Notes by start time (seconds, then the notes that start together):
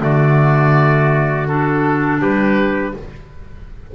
0.00 D3 A3 F#4 D5
1.48 D4 A4
2.21 G3 G4 B4